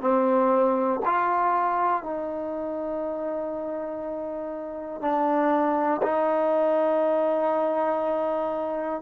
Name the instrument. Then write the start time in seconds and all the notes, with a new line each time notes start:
trombone
0.00 C4
1.05 F4
2.02 D#4
5.01 D4
6.02 D#4